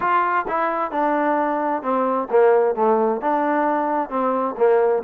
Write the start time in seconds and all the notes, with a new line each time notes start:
0.00 F4
0.47 E4
0.91 D4
1.82 C4
2.30 A#3
2.75 A3
3.21 D4
4.09 C4
4.57 A#3